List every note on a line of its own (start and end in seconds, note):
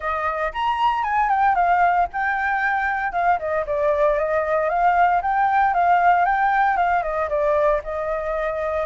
0.00 0.52 D#5
0.52 1.03 A#5
1.03 1.29 G#5
1.29 1.55 G5
1.55 2.07 F5
2.12 3.12 G5
3.12 3.38 F5
3.39 3.65 D#5
3.66 4.18 D5
4.18 4.69 D#5
4.69 5.21 F5
5.22 5.74 G5
5.74 6.25 F5
6.25 6.76 G5
6.76 7.02 F5
7.02 7.29 D#5
7.29 7.81 D5
7.83 8.86 D#5